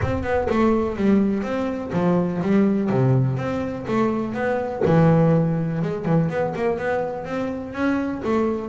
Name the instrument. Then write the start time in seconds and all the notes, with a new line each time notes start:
double bass
0.02 C4
0.23 B3
0.49 A3
0.96 G3
1.42 C4
1.92 F3
2.41 G3
2.89 C3
3.37 C4
3.87 A3
4.34 B3
4.85 E3
5.82 G#3
6.05 E3
6.29 B3
6.55 A#3
6.77 B3
7.24 C4
7.73 C#4
8.24 A3